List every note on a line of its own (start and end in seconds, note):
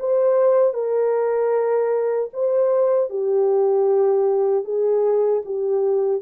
0.00 0.74 C5
0.74 2.30 A#4
2.33 3.10 C5
3.10 4.65 G4
4.65 5.43 G#4
5.46 6.22 G4